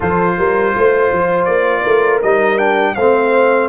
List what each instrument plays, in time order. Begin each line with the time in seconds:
0.00 tuba F3, trombone F4, horn A4, trumpet C5
0.38 tuba G3, horn A#4
0.75 tuba A3, horn C5
1.12 tuba F3
1.45 tuba A#3, trumpet D5
1.82 tuba A3, horn A#4
2.22 tuba G3, trombone D#4, trumpet D#5
2.58 trombone D4, trumpet G5
2.95 tuba A3, trombone C4, horn C5, trumpet F5